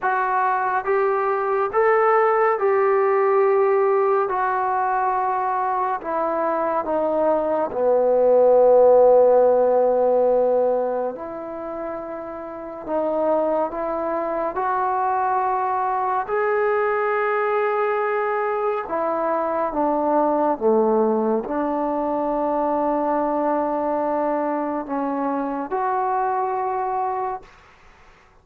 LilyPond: \new Staff \with { instrumentName = "trombone" } { \time 4/4 \tempo 4 = 70 fis'4 g'4 a'4 g'4~ | g'4 fis'2 e'4 | dis'4 b2.~ | b4 e'2 dis'4 |
e'4 fis'2 gis'4~ | gis'2 e'4 d'4 | a4 d'2.~ | d'4 cis'4 fis'2 | }